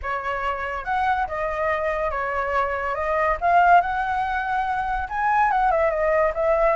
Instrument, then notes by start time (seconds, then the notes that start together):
flute
0.02 C#5
0.84 F#5
1.27 D#5
2.10 C#5
2.94 D#5
3.40 F5
3.81 F#5
5.09 G#5
5.51 F#5
5.71 E5
5.90 D#5
6.34 E5